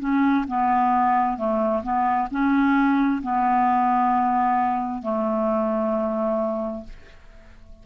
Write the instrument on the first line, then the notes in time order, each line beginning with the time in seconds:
clarinet
0.00 C#4
0.48 B3
1.38 A3
1.83 B3
2.31 C#4
3.23 B3
5.02 A3